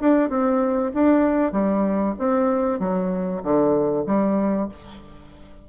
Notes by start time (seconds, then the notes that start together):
0.00 D4
0.30 C4
0.94 D4
1.52 G3
2.18 C4
2.79 F#3
3.43 D3
4.06 G3